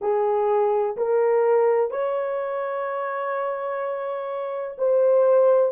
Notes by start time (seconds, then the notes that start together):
0.01 G#4
0.97 A#4
1.90 C#5
4.78 C5